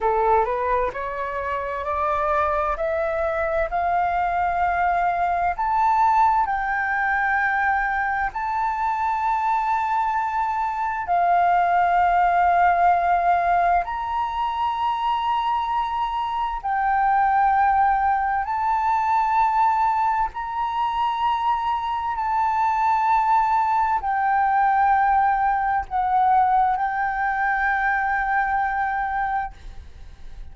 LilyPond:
\new Staff \with { instrumentName = "flute" } { \time 4/4 \tempo 4 = 65 a'8 b'8 cis''4 d''4 e''4 | f''2 a''4 g''4~ | g''4 a''2. | f''2. ais''4~ |
ais''2 g''2 | a''2 ais''2 | a''2 g''2 | fis''4 g''2. | }